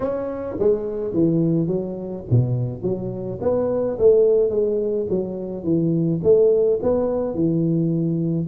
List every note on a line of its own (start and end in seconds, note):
0.00 0.56 C#4
0.59 1.13 G#3
1.13 1.67 E3
1.67 2.23 F#3
2.30 2.82 B2
2.82 3.39 F#3
3.41 3.97 B3
3.98 4.50 A3
4.50 5.06 G#3
5.09 5.63 F#3
5.63 6.20 E3
6.23 6.79 A3
6.82 7.34 B3
7.34 8.47 E3